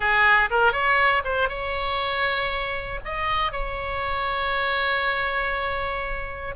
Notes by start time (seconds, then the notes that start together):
0.00 G#4
0.50 A#4
0.72 C#5
1.24 C5
1.49 C#5
3.05 D#5
3.52 C#5